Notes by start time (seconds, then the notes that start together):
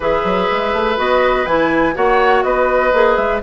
0.00 E3 G#4 B4 E5
0.24 F#3
0.50 G#3
0.73 A3
0.96 B3 F#4 D#5
1.45 E3 E4 G#5
1.93 A#3 F#4 C#5 F#5
2.43 B3 B4 D#5
2.93 A#3 G#4
3.15 G#3 E5